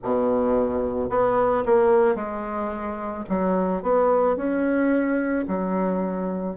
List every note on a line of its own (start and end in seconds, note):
0.03 1.09 B2
1.09 1.64 B3
1.65 2.15 A#3
2.15 3.24 G#3
3.29 3.82 F#3
3.82 4.36 B3
4.36 5.45 C#4
5.47 6.56 F#3